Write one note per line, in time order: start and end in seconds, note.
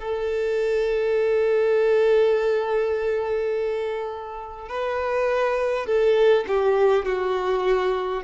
0.00 4.69 A4
4.69 5.87 B4
5.87 6.45 A4
6.48 7.06 G4
7.06 8.24 F#4